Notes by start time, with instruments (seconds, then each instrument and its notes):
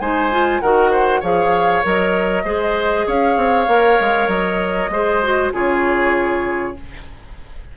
0.00 bassoon G#3, clarinet D#4, oboe C5, flute G#5
0.32 clarinet F4
0.61 bassoon D#3, clarinet F#4, oboe A#4, flute F#5
0.92 oboe C5
1.20 bassoon F3, clarinet G#4, oboe C#5, flute F5
1.83 bassoon F#3, clarinet A#4, flute D#5
2.44 bassoon G#3, clarinet G#4, oboe C5
3.07 bassoon C#4, oboe C#5, flute F5
3.37 bassoon C4
3.68 bassoon A#3, clarinet A#4
4.00 bassoon G#3
4.28 bassoon F#3, flute D#5
4.89 bassoon G#3, clarinet G#4, oboe C5
5.23 clarinet F#4
5.53 bassoon C#3, clarinet F4, oboe G#4, flute C#5